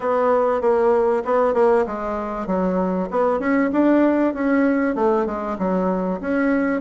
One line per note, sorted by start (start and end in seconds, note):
0.00 0.61 B3
0.61 1.23 A#3
1.24 1.54 B3
1.54 1.85 A#3
1.86 2.47 G#3
2.47 3.08 F#3
3.10 3.39 B3
3.39 3.70 C#4
3.72 4.34 D4
4.34 4.95 C#4
4.95 5.26 A3
5.26 5.57 G#3
5.58 6.20 F#3
6.20 6.80 C#4